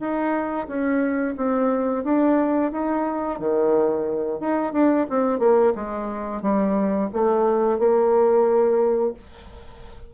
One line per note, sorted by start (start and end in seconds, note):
0.00 0.67 D#4
0.68 1.35 C#4
1.37 2.04 C4
2.04 2.72 D4
2.72 3.39 D#4
3.40 4.40 D#3
4.40 4.73 D#4
4.73 5.07 D4
5.10 5.40 C4
5.40 5.73 A#3
5.75 6.42 G#3
6.42 7.10 G3
7.14 7.79 A3
7.79 9.14 A#3